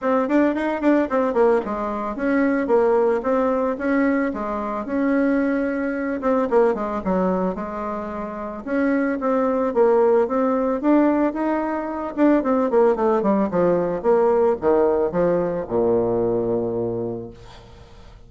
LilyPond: \new Staff \with { instrumentName = "bassoon" } { \time 4/4 \tempo 4 = 111 c'8 d'8 dis'8 d'8 c'8 ais8 gis4 | cis'4 ais4 c'4 cis'4 | gis4 cis'2~ cis'8 c'8 | ais8 gis8 fis4 gis2 |
cis'4 c'4 ais4 c'4 | d'4 dis'4. d'8 c'8 ais8 | a8 g8 f4 ais4 dis4 | f4 ais,2. | }